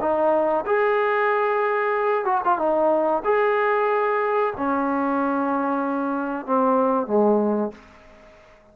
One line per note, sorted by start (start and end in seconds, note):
0.00 0.65 D#4
0.66 2.24 G#4
2.24 2.41 F#4
2.44 2.58 F4
2.58 3.22 D#4
3.24 4.53 G#4
4.56 6.45 C#4
6.45 7.06 C4
7.06 7.71 G#3